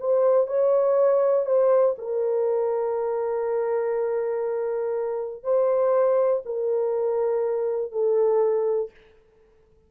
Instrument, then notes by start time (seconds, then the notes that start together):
horn
0.00 C5
0.47 C#5
1.46 C5
1.98 A#4
5.44 C5
6.46 A#4
7.92 A4